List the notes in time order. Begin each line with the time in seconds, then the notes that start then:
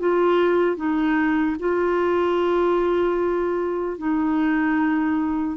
0.00 F4
0.77 D#4
1.60 F4
3.98 D#4